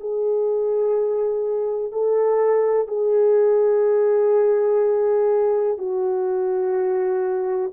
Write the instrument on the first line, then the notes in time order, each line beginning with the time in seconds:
horn
0.00 G#4
1.91 A4
2.87 G#4
5.78 F#4